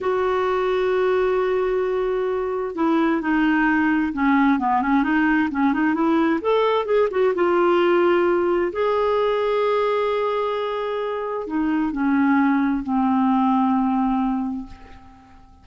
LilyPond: \new Staff \with { instrumentName = "clarinet" } { \time 4/4 \tempo 4 = 131 fis'1~ | fis'2 e'4 dis'4~ | dis'4 cis'4 b8 cis'8 dis'4 | cis'8 dis'8 e'4 a'4 gis'8 fis'8 |
f'2. gis'4~ | gis'1~ | gis'4 dis'4 cis'2 | c'1 | }